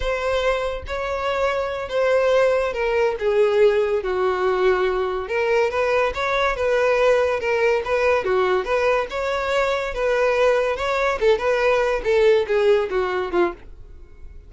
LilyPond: \new Staff \with { instrumentName = "violin" } { \time 4/4 \tempo 4 = 142 c''2 cis''2~ | cis''8 c''2 ais'4 gis'8~ | gis'4. fis'2~ fis'8~ | fis'8 ais'4 b'4 cis''4 b'8~ |
b'4. ais'4 b'4 fis'8~ | fis'8 b'4 cis''2 b'8~ | b'4. cis''4 a'8 b'4~ | b'8 a'4 gis'4 fis'4 f'8 | }